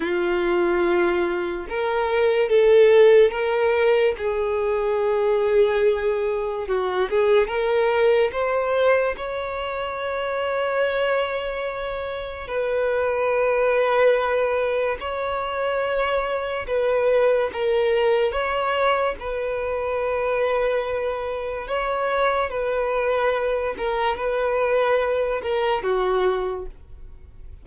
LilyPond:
\new Staff \with { instrumentName = "violin" } { \time 4/4 \tempo 4 = 72 f'2 ais'4 a'4 | ais'4 gis'2. | fis'8 gis'8 ais'4 c''4 cis''4~ | cis''2. b'4~ |
b'2 cis''2 | b'4 ais'4 cis''4 b'4~ | b'2 cis''4 b'4~ | b'8 ais'8 b'4. ais'8 fis'4 | }